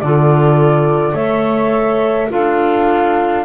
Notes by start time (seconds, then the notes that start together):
0.00 D3 F4 A4 D5
1.12 A3 A4 C#5 E5
2.29 D4 F4 A4 F5